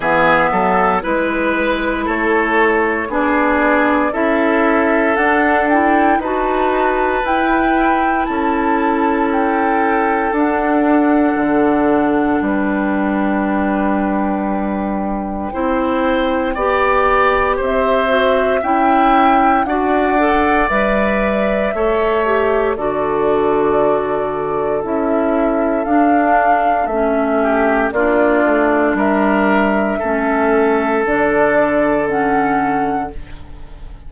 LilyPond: <<
  \new Staff \with { instrumentName = "flute" } { \time 4/4 \tempo 4 = 58 e''4 b'4 cis''4 d''4 | e''4 fis''8 g''8 a''4 g''4 | a''4 g''4 fis''2 | g''1~ |
g''4 e''4 g''4 fis''4 | e''2 d''2 | e''4 f''4 e''4 d''4 | e''2 d''4 fis''4 | }
  \new Staff \with { instrumentName = "oboe" } { \time 4/4 gis'8 a'8 b'4 a'4 gis'4 | a'2 b'2 | a'1 | b'2. c''4 |
d''4 c''4 e''4 d''4~ | d''4 cis''4 a'2~ | a'2~ a'8 g'8 f'4 | ais'4 a'2. | }
  \new Staff \with { instrumentName = "clarinet" } { \time 4/4 b4 e'2 d'4 | e'4 d'8 e'8 fis'4 e'4~ | e'2 d'2~ | d'2. e'4 |
g'4. fis'8 e'4 fis'8 a'8 | b'4 a'8 g'8 fis'2 | e'4 d'4 cis'4 d'4~ | d'4 cis'4 d'4 cis'4 | }
  \new Staff \with { instrumentName = "bassoon" } { \time 4/4 e8 fis8 gis4 a4 b4 | cis'4 d'4 dis'4 e'4 | cis'2 d'4 d4 | g2. c'4 |
b4 c'4 cis'4 d'4 | g4 a4 d2 | cis'4 d'4 a4 ais8 a8 | g4 a4 d2 | }
>>